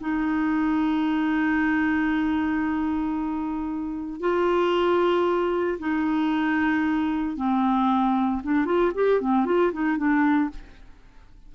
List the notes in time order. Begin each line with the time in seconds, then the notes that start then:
0.00 D#4
4.20 F4
5.79 D#4
7.36 C4
8.43 D4
8.65 F4
8.94 G4
9.21 C4
9.45 F4
9.72 D#4
9.97 D4